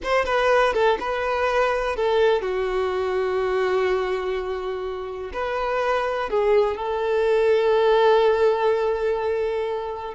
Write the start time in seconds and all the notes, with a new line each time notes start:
0.03 C5
0.25 B4
0.73 A4
0.99 B4
1.96 A4
2.41 F#4
5.33 B4
6.29 G#4
6.76 A4